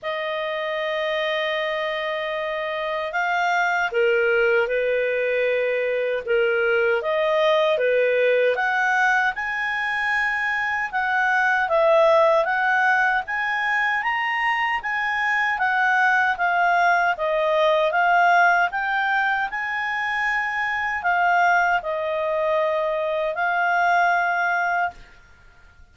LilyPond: \new Staff \with { instrumentName = "clarinet" } { \time 4/4 \tempo 4 = 77 dis''1 | f''4 ais'4 b'2 | ais'4 dis''4 b'4 fis''4 | gis''2 fis''4 e''4 |
fis''4 gis''4 ais''4 gis''4 | fis''4 f''4 dis''4 f''4 | g''4 gis''2 f''4 | dis''2 f''2 | }